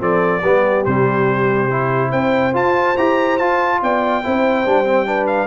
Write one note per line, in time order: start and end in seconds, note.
0.00 0.43 F3
0.00 0.42 C4
0.00 0.41 A4
0.00 0.85 D5
0.41 0.86 G3
0.41 0.86 B3
0.41 2.10 G4
0.85 2.13 C3
0.85 1.71 G3
0.85 2.12 C5
1.71 2.54 E4
2.10 2.55 C4
2.10 3.79 C5
2.10 2.54 G5
2.54 2.96 F4
2.54 2.97 F4
2.54 2.98 A5
2.98 3.40 E4
2.98 3.40 G4
2.98 3.38 A#5
3.38 4.24 F4
3.38 3.82 F4
3.38 3.80 A5
3.82 4.25 B3
3.82 4.24 D5
3.82 5.27 G5
4.24 4.66 C4
4.24 4.66 E4
4.24 5.08 C5
4.66 5.48 G3
4.66 4.85 D4
4.85 5.06 C4
5.06 5.48 D4
5.06 5.48 B4
5.27 5.48 F5